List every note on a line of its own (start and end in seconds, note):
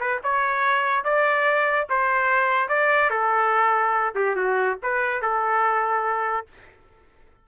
0.00 0.21 B4
0.23 1.04 C#5
1.04 1.87 D5
1.90 2.69 C5
2.69 3.10 D5
3.10 4.15 A4
4.15 4.36 G4
4.36 4.78 F#4
4.83 5.22 B4
5.22 6.47 A4